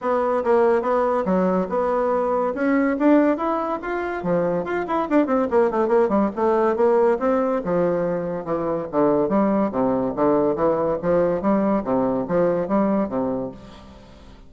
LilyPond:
\new Staff \with { instrumentName = "bassoon" } { \time 4/4 \tempo 4 = 142 b4 ais4 b4 fis4 | b2 cis'4 d'4 | e'4 f'4 f4 f'8 e'8 | d'8 c'8 ais8 a8 ais8 g8 a4 |
ais4 c'4 f2 | e4 d4 g4 c4 | d4 e4 f4 g4 | c4 f4 g4 c4 | }